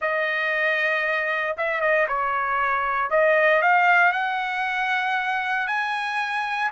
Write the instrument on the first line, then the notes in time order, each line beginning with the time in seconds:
trumpet
0.01 D#5
1.57 E5
1.81 D#5
2.08 C#5
3.10 D#5
3.62 F5
4.12 F#5
5.67 G#5